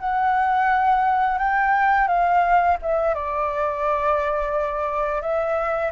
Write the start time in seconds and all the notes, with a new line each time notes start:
0.00 F#5
1.39 G5
2.08 F5
2.82 E5
3.15 D5
5.22 E5